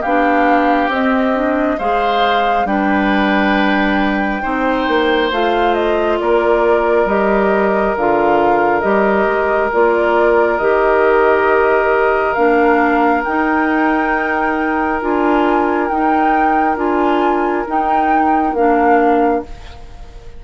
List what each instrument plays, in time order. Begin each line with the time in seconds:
0.00 bassoon B3, clarinet D4, oboe G4, flute F5
0.88 bassoon C4, clarinet C4, flute D#5
1.35 clarinet D4
1.78 bassoon G#3, clarinet G#4, oboe C5, flute F5
2.65 bassoon G3, clarinet D4, oboe B4, flute G5
4.42 bassoon C4, clarinet D#4, oboe C5
4.88 bassoon A#3
5.31 bassoon A3, clarinet F4, flute F5
5.74 flute D#5
6.19 bassoon A#3, oboe A#4, flute D5
7.05 bassoon G3, clarinet G4, flute D#5
7.96 bassoon D3, clarinet F4, flute F5
8.81 bassoon G3, clarinet G4, flute D#5
9.26 bassoon G#3
9.72 bassoon A#3, clarinet F4, flute D5
10.58 bassoon D#3, clarinet G4, flute D#5
12.33 bassoon A#3, clarinet D4, flute F5
13.24 clarinet D#4, bassoon D#4, flute G5
15.01 bassoon D4, clarinet F4, flute G#5
15.88 bassoon D#4, clarinet D#4, flute G5
16.76 bassoon D4, clarinet F4, flute G#5
17.67 clarinet D#4, bassoon D#4, flute G5
18.53 bassoon A#3, clarinet D4, flute F5